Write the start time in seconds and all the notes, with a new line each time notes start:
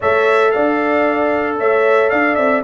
0.00 A3 A4 C#5 E5
0.51 D4 D5 F5
1.59 A3 C#5 E5
2.09 D4 D5 F5
2.35 C4 E5